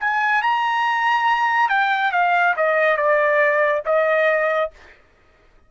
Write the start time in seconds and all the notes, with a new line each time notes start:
0.00 G#5
0.42 A#5
1.69 G5
2.12 F5
2.56 D#5
2.97 D5
3.85 D#5